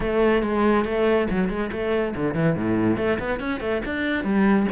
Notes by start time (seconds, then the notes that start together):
0.00 A3
0.42 G#3
0.85 A3
1.30 F#3
1.49 G#3
1.72 A3
2.15 D3
2.34 E3
2.55 A2
2.97 A3
3.19 B3
3.39 C#4
3.60 A3
3.85 D4
4.23 G3